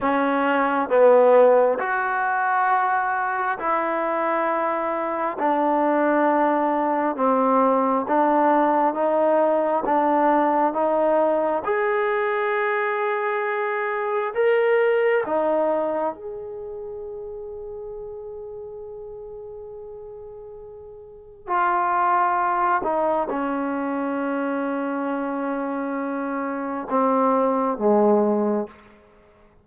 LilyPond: \new Staff \with { instrumentName = "trombone" } { \time 4/4 \tempo 4 = 67 cis'4 b4 fis'2 | e'2 d'2 | c'4 d'4 dis'4 d'4 | dis'4 gis'2. |
ais'4 dis'4 gis'2~ | gis'1 | f'4. dis'8 cis'2~ | cis'2 c'4 gis4 | }